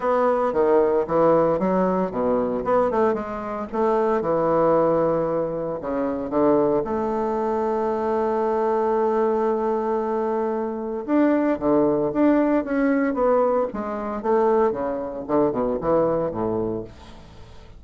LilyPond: \new Staff \with { instrumentName = "bassoon" } { \time 4/4 \tempo 4 = 114 b4 dis4 e4 fis4 | b,4 b8 a8 gis4 a4 | e2. cis4 | d4 a2.~ |
a1~ | a4 d'4 d4 d'4 | cis'4 b4 gis4 a4 | cis4 d8 b,8 e4 a,4 | }